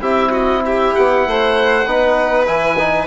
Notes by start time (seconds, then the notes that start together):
0.00 C4 E4 G4 E5
0.31 F#4 D#5
0.65 G4 E5
0.94 B3 F#5
1.27 A3 C5
1.86 B3 D#4 B4
2.45 E3 E4 G#5
2.78 D#4